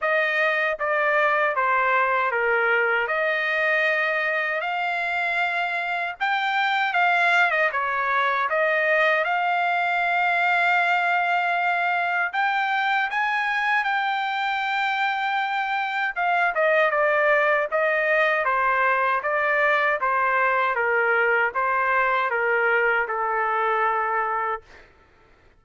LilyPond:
\new Staff \with { instrumentName = "trumpet" } { \time 4/4 \tempo 4 = 78 dis''4 d''4 c''4 ais'4 | dis''2 f''2 | g''4 f''8. dis''16 cis''4 dis''4 | f''1 |
g''4 gis''4 g''2~ | g''4 f''8 dis''8 d''4 dis''4 | c''4 d''4 c''4 ais'4 | c''4 ais'4 a'2 | }